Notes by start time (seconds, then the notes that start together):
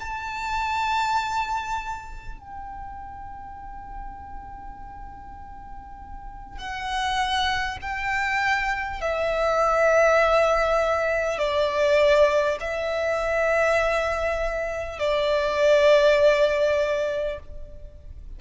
0.00 A5
2.38 G5
6.58 F#5
7.82 G5
9.01 E5
11.38 D5
12.61 E5
14.99 D5